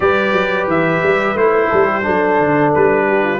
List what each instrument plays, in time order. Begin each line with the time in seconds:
0.00 tuba G3, trombone G4, horn B4, trumpet D5
0.33 tuba F#3
0.67 tuba E3, trumpet E5
1.03 tuba G3
1.34 tuba A3, trombone E4, trumpet C5
1.69 tuba G3, horn A4
1.86 horn G4
2.02 tuba F#3, trombone D4, horn A4
2.39 tuba D3
2.74 tuba G3, trumpet B4
3.08 horn G4
3.23 horn F4